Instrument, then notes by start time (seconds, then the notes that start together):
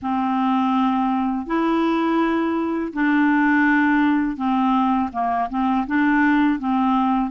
clarinet
0.02 C4
1.46 E4
2.93 D4
4.36 C4
5.12 A#3
5.49 C4
5.86 D4
6.59 C4